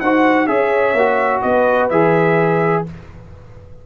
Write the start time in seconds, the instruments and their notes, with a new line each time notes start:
0.00 tuba D#4, trombone F#4, horn C5, trumpet F#5
0.47 tuba C#4, trombone G#4, horn C#5, trumpet E5
0.94 tuba A#3, trombone F#4
1.42 tuba B3, horn B4, trumpet D#5
1.90 tuba E3, trombone G#4, trumpet E5